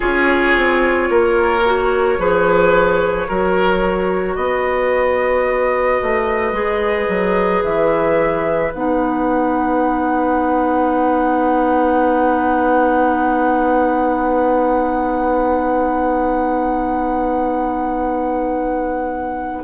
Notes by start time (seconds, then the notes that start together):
0.00 C#4 F4 G#4 C#5
0.56 C4
1.09 A#3 A#4
1.65 F#4
2.18 F3 G#4 B4
3.27 F#3 F#4 A#4
4.35 B3 B4 D#5
6.02 A3
6.52 G#3 G#4
7.08 F#3
7.63 E3 E5
8.73 B3 D#4 F#5